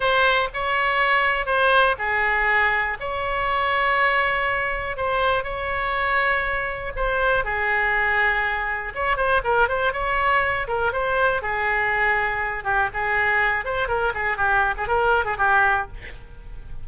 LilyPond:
\new Staff \with { instrumentName = "oboe" } { \time 4/4 \tempo 4 = 121 c''4 cis''2 c''4 | gis'2 cis''2~ | cis''2 c''4 cis''4~ | cis''2 c''4 gis'4~ |
gis'2 cis''8 c''8 ais'8 c''8 | cis''4. ais'8 c''4 gis'4~ | gis'4. g'8 gis'4. c''8 | ais'8 gis'8 g'8. gis'16 ais'8. gis'16 g'4 | }